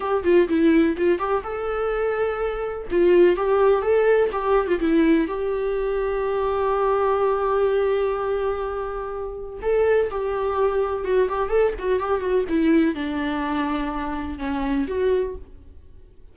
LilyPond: \new Staff \with { instrumentName = "viola" } { \time 4/4 \tempo 4 = 125 g'8 f'8 e'4 f'8 g'8 a'4~ | a'2 f'4 g'4 | a'4 g'8. f'16 e'4 g'4~ | g'1~ |
g'1 | a'4 g'2 fis'8 g'8 | a'8 fis'8 g'8 fis'8 e'4 d'4~ | d'2 cis'4 fis'4 | }